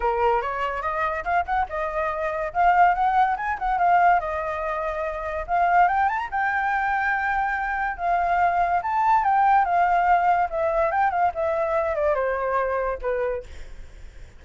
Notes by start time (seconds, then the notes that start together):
0.00 A#4
0.41 C#5
0.82 D#5
1.24 F5
1.45 F#5
1.69 D#5
2.53 F5
2.94 F#5
3.36 G#5
3.59 F#5
3.78 F5
4.20 D#5
5.47 F5
5.88 G5
6.08 A5
6.18 A#5
6.31 G5
7.97 F5
8.82 A5
9.23 G5
9.64 F5
10.50 E5
10.91 G5
11.10 F5
11.34 E5
11.95 D5
12.14 C5
13.01 B4